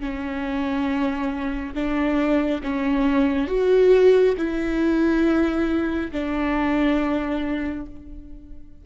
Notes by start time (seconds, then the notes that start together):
0.00 C#4
1.74 D4
2.63 C#4
3.47 F#4
4.37 E4
6.11 D4